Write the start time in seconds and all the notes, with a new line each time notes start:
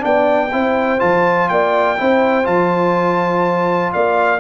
0.00 B3 D4 D5 G5
0.53 C4 E4 C5
0.99 F3 F4 A5
1.49 A#3 D5 G5
1.98 C4 E4 C5
2.44 F3 F4 A5
3.93 A#3 D5 F5